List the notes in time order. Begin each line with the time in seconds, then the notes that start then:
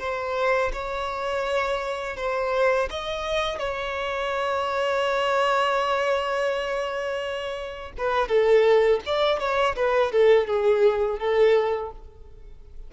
0.00 C5
0.73 C#5
2.17 C5
2.90 D#5
3.59 C#5
7.98 B4
8.28 A4
9.06 D5
9.40 C#5
9.76 B4
10.12 A4
10.47 G#4
11.19 A4